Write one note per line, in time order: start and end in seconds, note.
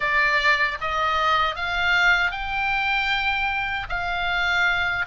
0.00 0.78 D5
0.80 1.55 D#5
1.55 2.31 F5
2.31 3.86 G5
3.89 5.06 F5